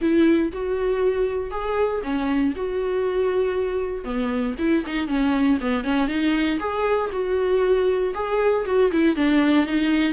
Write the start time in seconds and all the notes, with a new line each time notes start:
0.01 E4
0.52 F#4
1.50 G#4
2.03 C#4
2.56 F#4
4.04 B3
4.59 E4
4.86 D#4
5.07 C#4
5.60 B3
5.84 C#4
6.08 D#4
6.59 G#4
7.12 F#4
8.14 G#4
8.65 F#4
8.91 E4
9.16 D4
9.66 D#4